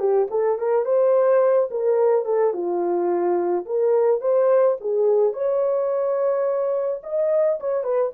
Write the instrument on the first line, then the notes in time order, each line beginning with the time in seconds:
horn
0.00 G4
0.31 A4
0.59 A#4
0.86 C5
1.71 A#4
2.26 A4
2.54 F4
3.66 A#4
4.21 C5
4.81 G#4
5.34 C#5
7.04 D#5
7.61 C#5
7.84 B4